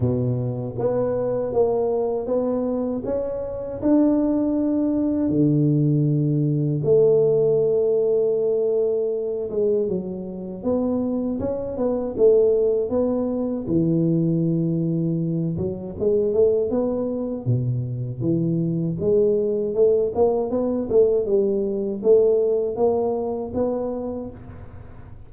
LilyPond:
\new Staff \with { instrumentName = "tuba" } { \time 4/4 \tempo 4 = 79 b,4 b4 ais4 b4 | cis'4 d'2 d4~ | d4 a2.~ | a8 gis8 fis4 b4 cis'8 b8 |
a4 b4 e2~ | e8 fis8 gis8 a8 b4 b,4 | e4 gis4 a8 ais8 b8 a8 | g4 a4 ais4 b4 | }